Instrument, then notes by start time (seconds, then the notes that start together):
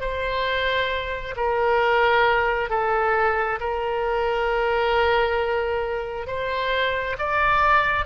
oboe
0.00 C5
1.36 A#4
2.69 A4
3.60 A#4
6.26 C5
7.18 D5